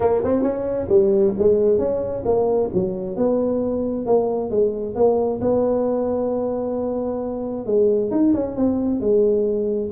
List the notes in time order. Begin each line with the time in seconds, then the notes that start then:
0.00 A#3
0.24 C4
0.42 C#4
0.88 G3
1.38 G#3
1.78 C#4
2.25 A#3
2.73 F#3
3.16 B3
4.06 A#3
4.50 G#3
4.95 A#3
5.41 B3
7.66 G#3
8.11 D#4
8.34 C#4
8.56 C4
9.00 G#3